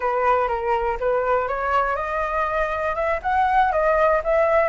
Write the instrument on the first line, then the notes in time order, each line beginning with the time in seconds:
flute
0.00 B4
0.48 A#4
1.00 B4
1.47 C#5
1.96 D#5
2.95 E5
3.22 F#5
3.72 D#5
4.24 E5